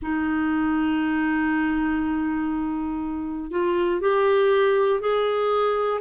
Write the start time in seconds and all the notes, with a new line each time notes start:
0.02 D#4
3.50 F4
4.00 G4
5.00 G#4